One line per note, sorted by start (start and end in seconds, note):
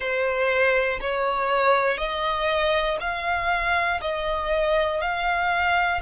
0.00 1.00 C5
1.00 1.97 C#5
1.97 2.97 D#5
3.00 4.00 F5
4.00 5.00 D#5
5.00 6.00 F5